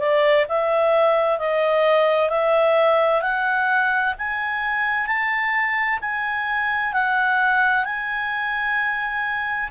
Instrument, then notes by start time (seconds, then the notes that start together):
clarinet
0.00 D5
0.49 E5
1.39 D#5
2.30 E5
3.22 F#5
4.18 G#5
5.07 A5
6.01 G#5
6.93 F#5
7.85 G#5